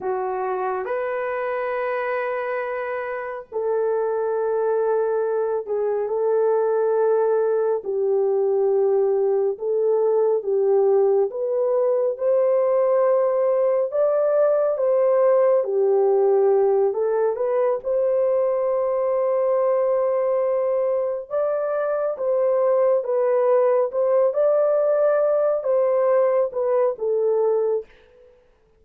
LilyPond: \new Staff \with { instrumentName = "horn" } { \time 4/4 \tempo 4 = 69 fis'4 b'2. | a'2~ a'8 gis'8 a'4~ | a'4 g'2 a'4 | g'4 b'4 c''2 |
d''4 c''4 g'4. a'8 | b'8 c''2.~ c''8~ | c''8 d''4 c''4 b'4 c''8 | d''4. c''4 b'8 a'4 | }